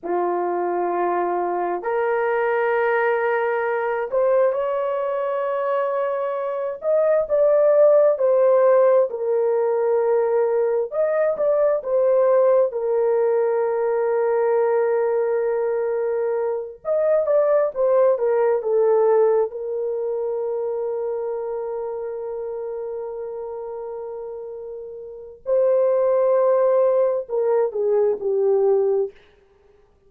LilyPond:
\new Staff \with { instrumentName = "horn" } { \time 4/4 \tempo 4 = 66 f'2 ais'2~ | ais'8 c''8 cis''2~ cis''8 dis''8 | d''4 c''4 ais'2 | dis''8 d''8 c''4 ais'2~ |
ais'2~ ais'8 dis''8 d''8 c''8 | ais'8 a'4 ais'2~ ais'8~ | ais'1 | c''2 ais'8 gis'8 g'4 | }